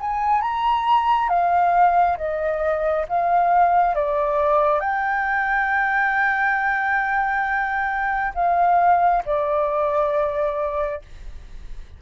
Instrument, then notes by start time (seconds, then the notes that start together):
flute
0.00 G#5
0.42 A#5
1.29 F5
2.17 D#5
3.08 F5
3.95 D5
4.80 G5
8.35 F5
9.25 D5